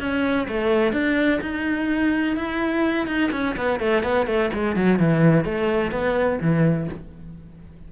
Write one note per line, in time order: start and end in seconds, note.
0.00 0.48 C#4
0.49 0.93 A3
0.93 1.41 D4
1.42 2.37 D#4
2.37 3.07 E4
3.07 3.31 D#4
3.32 3.56 C#4
3.57 3.80 B3
3.80 4.03 A3
4.03 4.27 B3
4.27 4.51 A3
4.54 4.76 G#3
4.76 5.00 F#3
5.00 5.45 E3
5.45 5.92 A3
5.92 6.40 B3
6.42 6.89 E3